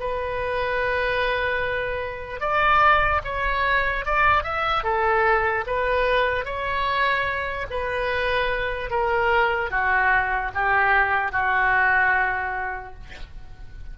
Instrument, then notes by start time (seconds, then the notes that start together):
oboe
0.00 B4
2.40 D5
3.24 C#5
4.05 D5
4.43 E5
4.84 A4
5.66 B4
6.45 C#5
7.71 B4
8.90 A#4
9.71 F#4
10.54 G4
11.32 F#4